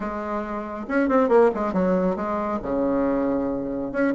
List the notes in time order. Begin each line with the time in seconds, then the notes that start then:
0.00 G#3
0.88 C#4
1.08 C4
1.28 A#3
1.54 G#3
1.73 F#3
2.15 G#3
2.62 C#3
3.92 C#4